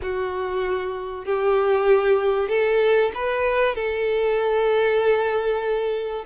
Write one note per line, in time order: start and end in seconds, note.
0.01 1.25 F#4
1.25 2.49 G4
2.49 3.11 A4
3.14 3.75 B4
3.75 6.25 A4